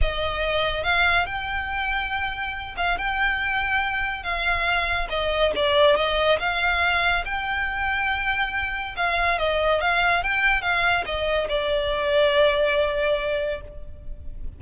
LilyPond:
\new Staff \with { instrumentName = "violin" } { \time 4/4 \tempo 4 = 141 dis''2 f''4 g''4~ | g''2~ g''8 f''8 g''4~ | g''2 f''2 | dis''4 d''4 dis''4 f''4~ |
f''4 g''2.~ | g''4 f''4 dis''4 f''4 | g''4 f''4 dis''4 d''4~ | d''1 | }